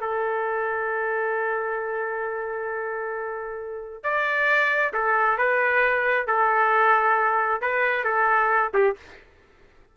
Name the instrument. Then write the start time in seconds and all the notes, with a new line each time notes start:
trumpet
0.00 A4
4.03 D5
4.93 A4
5.38 B4
6.27 A4
7.61 B4
8.04 A4
8.74 G4